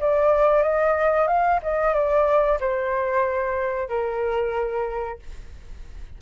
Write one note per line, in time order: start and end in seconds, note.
0.00 0.62 D5
0.62 1.27 D#5
1.27 1.60 F5
1.62 1.93 D#5
1.93 2.58 D5
2.60 3.88 C5
3.88 5.19 A#4